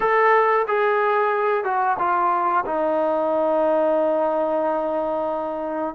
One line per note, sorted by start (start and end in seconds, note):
0.00 0.66 A4
0.67 1.64 G#4
1.64 1.97 F#4
1.98 2.64 F4
2.65 5.94 D#4